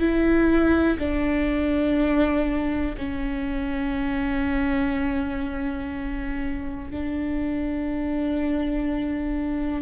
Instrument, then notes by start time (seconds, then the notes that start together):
viola
0.00 E4
0.99 D4
2.98 C#4
6.91 D4